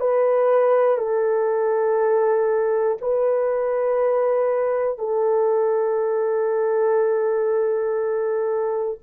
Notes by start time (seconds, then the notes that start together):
0.00 B4
0.98 A4
3.01 B4
4.98 A4